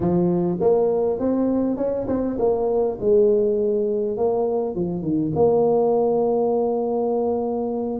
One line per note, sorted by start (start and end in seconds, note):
0.00 0.58 F3
0.60 1.19 A#3
1.19 1.76 C4
1.76 2.06 C#4
2.07 2.37 C4
2.38 2.98 A#3
3.00 4.17 G#3
4.17 4.75 A#3
4.75 5.02 F3
5.02 5.31 D#3
5.35 7.99 A#3